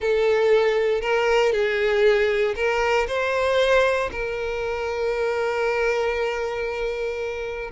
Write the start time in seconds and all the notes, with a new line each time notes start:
0.00 A4
1.01 A#4
1.52 G#4
2.55 A#4
3.07 C5
4.11 A#4